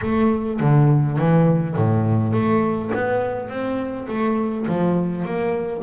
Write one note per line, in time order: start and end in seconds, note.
0.01 0.60 A3
0.60 1.18 D3
1.18 1.76 E3
1.76 2.32 A2
2.32 2.91 A3
2.94 3.48 B3
3.48 4.07 C4
4.08 4.66 A3
4.67 5.25 F3
5.25 5.83 A#3